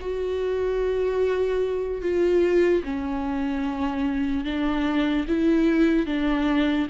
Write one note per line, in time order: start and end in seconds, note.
0.00 2.02 F#4
2.02 2.83 F4
2.83 4.44 C#4
4.44 5.26 D4
5.27 6.06 E4
6.06 6.87 D4